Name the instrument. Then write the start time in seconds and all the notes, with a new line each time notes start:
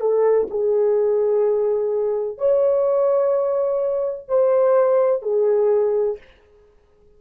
horn
0.00 A4
0.50 G#4
2.38 C#5
4.28 C5
5.22 G#4